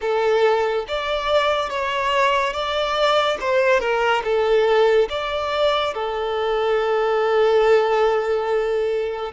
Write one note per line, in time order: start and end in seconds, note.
0.01 0.85 A4
0.88 1.69 D5
1.69 2.53 C#5
2.53 3.37 D5
3.40 3.80 C5
3.80 4.22 A#4
4.24 5.08 A4
5.09 5.94 D5
5.94 9.32 A4